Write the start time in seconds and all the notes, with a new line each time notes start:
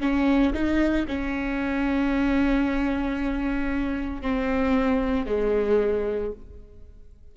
0.00 C#4
0.53 D#4
1.08 C#4
4.22 C4
5.26 G#3